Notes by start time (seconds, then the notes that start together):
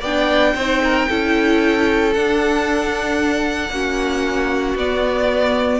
0.00 B3 D4 D5 G5
0.55 C4 D#4 C5
0.84 A#4
1.09 C#4 E4 A4
2.13 D4 F#5
3.69 A#3 C#4 F#4
4.75 B3 D5